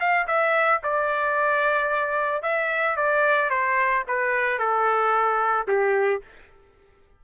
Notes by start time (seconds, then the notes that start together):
0.00 F5
0.27 E5
0.83 D5
2.43 E5
2.97 D5
3.50 C5
4.08 B4
4.59 A4
5.68 G4